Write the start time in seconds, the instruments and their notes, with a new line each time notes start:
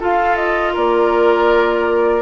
0.00 clarinet F4, bassoon F4, oboe A4, flute F5
0.36 flute D#5
0.74 bassoon A#3, oboe A#4, flute D5